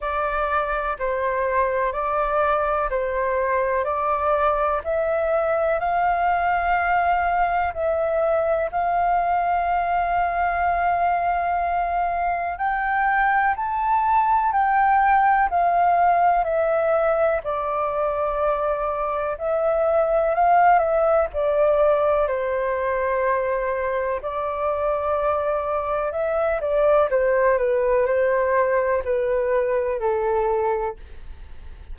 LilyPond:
\new Staff \with { instrumentName = "flute" } { \time 4/4 \tempo 4 = 62 d''4 c''4 d''4 c''4 | d''4 e''4 f''2 | e''4 f''2.~ | f''4 g''4 a''4 g''4 |
f''4 e''4 d''2 | e''4 f''8 e''8 d''4 c''4~ | c''4 d''2 e''8 d''8 | c''8 b'8 c''4 b'4 a'4 | }